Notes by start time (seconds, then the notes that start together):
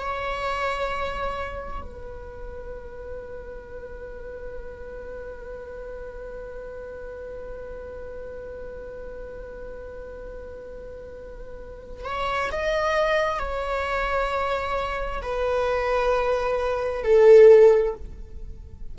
0.00 C#5
1.81 B4
12.05 C#5
12.52 D#5
13.39 C#5
15.22 B4
17.04 A4